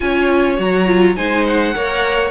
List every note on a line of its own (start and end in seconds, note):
0.00 0.58 C#4
0.00 0.57 F4
0.00 1.16 C#5
0.00 0.56 G#5
0.57 1.17 F#3
0.57 0.86 F#4
0.57 1.16 A#5
0.86 1.15 F4
1.15 1.75 G#3
1.15 1.74 D#4
1.15 1.74 C5
1.15 1.45 G#5
1.47 2.30 F#5
1.75 2.30 A#3
1.75 2.30 A#4
1.75 2.30 C#5